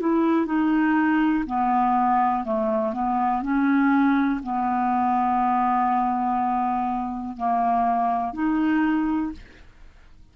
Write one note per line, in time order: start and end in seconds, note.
0.00 0.46 E4
0.46 1.44 D#4
1.46 2.44 B3
2.44 2.93 A3
2.93 3.42 B3
3.42 4.41 C#4
4.44 7.37 B3
7.37 8.34 A#3
8.34 9.32 D#4